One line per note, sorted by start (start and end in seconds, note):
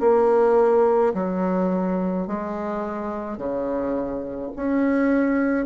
0.00 1.13 A#3
1.14 2.27 F#3
2.27 3.37 G#3
3.37 4.50 C#3
4.56 5.66 C#4